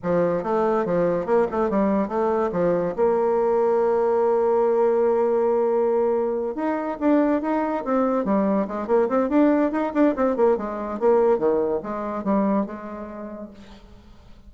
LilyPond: \new Staff \with { instrumentName = "bassoon" } { \time 4/4 \tempo 4 = 142 f4 a4 f4 ais8 a8 | g4 a4 f4 ais4~ | ais1~ | ais2.~ ais8 dis'8~ |
dis'8 d'4 dis'4 c'4 g8~ | g8 gis8 ais8 c'8 d'4 dis'8 d'8 | c'8 ais8 gis4 ais4 dis4 | gis4 g4 gis2 | }